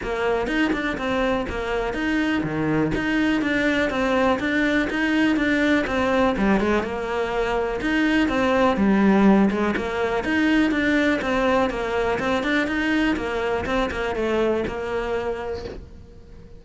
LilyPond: \new Staff \with { instrumentName = "cello" } { \time 4/4 \tempo 4 = 123 ais4 dis'8 d'8 c'4 ais4 | dis'4 dis4 dis'4 d'4 | c'4 d'4 dis'4 d'4 | c'4 g8 gis8 ais2 |
dis'4 c'4 g4. gis8 | ais4 dis'4 d'4 c'4 | ais4 c'8 d'8 dis'4 ais4 | c'8 ais8 a4 ais2 | }